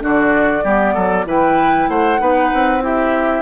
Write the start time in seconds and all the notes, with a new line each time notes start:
0.00 D3 D4 F#4 D5
0.64 G3 B3 G4
0.94 F#3 A4
1.26 E3 E4 B4 G5
1.89 A3 C5 F#5
2.19 B3 D#4 B4
2.54 C4
2.81 E4 G4 E5